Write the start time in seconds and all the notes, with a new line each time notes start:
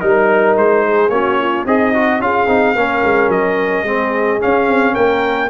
0.00 G3 D#4 A#4
0.57 G#3 C5
0.87 G#4
1.09 A#3 C#4 F#4 C#5
1.40 F4
1.66 C4 D#4 G#4 D#5
1.94 F#4
2.19 C#4 F4 G#4 F5
2.48 C4 D#4
2.75 A#3 C#4 A#4
3.04 G#3
3.28 F#3 D#5
3.83 G#3 C4 G#4
4.40 C#4 F5
4.67 C4
4.93 A#3 A#4 G5